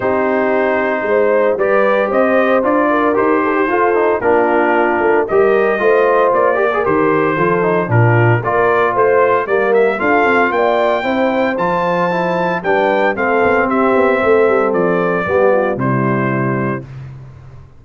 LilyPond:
<<
  \new Staff \with { instrumentName = "trumpet" } { \time 4/4 \tempo 4 = 114 c''2. d''4 | dis''4 d''4 c''2 | ais'2 dis''2 | d''4 c''2 ais'4 |
d''4 c''4 d''8 e''8 f''4 | g''2 a''2 | g''4 f''4 e''2 | d''2 c''2 | }
  \new Staff \with { instrumentName = "horn" } { \time 4/4 g'2 c''4 b'4 | c''4. ais'4 a'16 g'16 a'4 | f'2 ais'4 c''4~ | c''8 ais'4. a'4 f'4 |
ais'4 c''4 ais'4 a'4 | d''4 c''2. | b'4 a'4 g'4 a'4~ | a'4 g'8 f'8 e'2 | }
  \new Staff \with { instrumentName = "trombone" } { \time 4/4 dis'2. g'4~ | g'4 f'4 g'4 f'8 dis'8 | d'2 g'4 f'4~ | f'8 g'16 gis'16 g'4 f'8 dis'8 d'4 |
f'2 ais4 f'4~ | f'4 e'4 f'4 e'4 | d'4 c'2.~ | c'4 b4 g2 | }
  \new Staff \with { instrumentName = "tuba" } { \time 4/4 c'2 gis4 g4 | c'4 d'4 dis'4 f'4 | ais4. a8 g4 a4 | ais4 dis4 f4 ais,4 |
ais4 a4 g4 d'8 c'8 | ais4 c'4 f2 | g4 a8 b8 c'8 b8 a8 g8 | f4 g4 c2 | }
>>